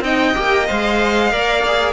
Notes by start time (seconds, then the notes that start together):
0.00 C4 D#4 D#5 G5
0.34 A#3 G4
0.67 G#3 C5 F5
1.31 A#3 A#4 D5
1.67 G#4